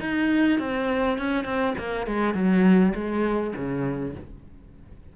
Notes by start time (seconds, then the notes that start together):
0.00 D#4
0.60 C4
1.19 C#4
1.45 C4
1.78 A#3
2.07 G#3
2.34 F#3
2.95 G#3
3.56 C#3